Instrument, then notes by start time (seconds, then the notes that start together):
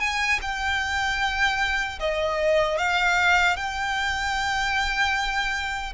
violin
0.00 G#5
0.42 G5
2.00 D#5
2.78 F5
3.56 G5